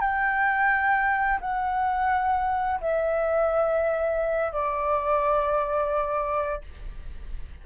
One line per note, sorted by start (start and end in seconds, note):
0.00 1.40 G5
1.40 2.80 F#5
2.80 4.52 E5
4.52 6.61 D5